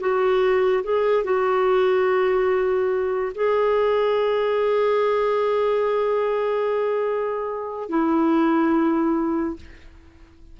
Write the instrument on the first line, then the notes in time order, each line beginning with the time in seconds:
clarinet
0.00 F#4
0.84 G#4
1.24 F#4
3.35 G#4
7.89 E4